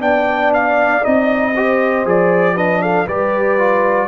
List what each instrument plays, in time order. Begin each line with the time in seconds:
0.00 tuba B3, trombone D4, horn D5, trumpet G5
0.54 trumpet F5
1.03 tuba C4, trombone D#4, trumpet D#5
1.54 trombone G4, horn C5
2.05 tuba F3, trombone G#4, trumpet D5
2.55 trombone D4, horn B4, trumpet D#5
2.82 horn A4, trumpet F5
3.06 tuba G3, trombone G4, horn B4, trumpet D5
3.58 trombone F4